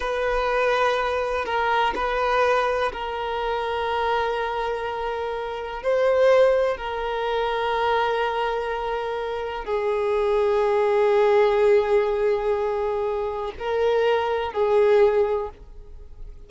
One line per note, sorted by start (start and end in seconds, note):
0.00 1.45 B4
1.45 1.93 A#4
1.95 2.91 B4
2.92 5.82 A#4
5.83 6.77 C5
6.77 9.64 A#4
9.64 13.52 G#4
13.58 14.52 A#4
14.52 15.49 G#4